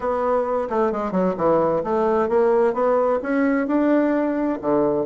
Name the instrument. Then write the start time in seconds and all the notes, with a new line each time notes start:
bassoon
0.00 B3
0.69 A3
0.92 G#3
1.11 F#3
1.37 E3
1.83 A3
2.29 A#3
2.73 B3
3.22 C#4
3.67 D4
4.61 D3